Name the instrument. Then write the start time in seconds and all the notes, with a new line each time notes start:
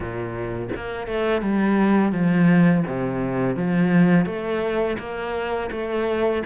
cello
0.00 A#2
0.76 A#3
1.07 A3
1.41 G3
2.12 F3
2.86 C3
3.56 F3
4.25 A3
4.98 A#3
5.71 A3